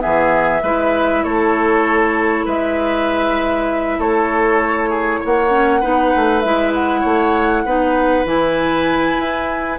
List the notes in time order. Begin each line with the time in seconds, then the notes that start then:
0.00 E3 B3 G#4 E5
0.62 G#3 E4 B4
1.24 A3 A4 C#5
2.45 G#3 B4 E5
3.99 A3 A4 C#5
4.89 G#4
5.20 A#3 C#5 F#5
5.50 C#4
5.80 B3 D#4 B4
6.16 A3
6.40 G#3 E4 E5
6.74 F#5
7.00 A3 C#5
7.65 B3 D#4 B4
8.25 E3 E4 G#5
9.19 E4